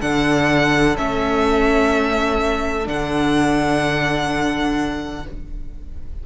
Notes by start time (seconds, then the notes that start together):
0.00 D3 D4 A4 F#5
0.96 A3 C#4 E5
2.85 D3 D4 F#5